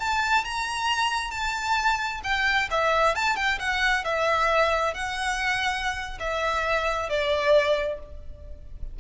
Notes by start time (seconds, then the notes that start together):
0.00 A5
0.45 A#5
1.31 A5
2.24 G5
2.71 E5
3.16 A5
3.37 G5
3.60 F#5
4.05 E5
4.95 F#5
6.20 E5
7.09 D5